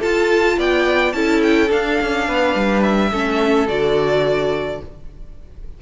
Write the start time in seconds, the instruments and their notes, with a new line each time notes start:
0.00 viola F4, cello F4, violin A4 A5
0.58 cello B3, violin D5 G5
1.13 cello C#4, viola E4, violin A4 A5
1.43 violin G5
1.69 viola D4, cello D4, violin F5
2.02 cello C#4
2.28 cello B3, violin B4
2.55 cello G3
2.83 violin E5
3.11 cello A3, viola C#4, violin A4
3.67 cello D3, viola F#4, violin D5